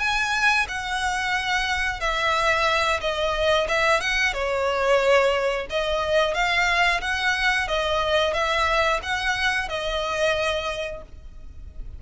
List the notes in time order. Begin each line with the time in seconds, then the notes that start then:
0.00 G#5
0.68 F#5
2.01 E5
3.01 D#5
3.69 E5
4.01 F#5
4.34 C#5
5.70 D#5
6.35 F5
7.02 F#5
7.68 D#5
8.34 E5
9.03 F#5
9.69 D#5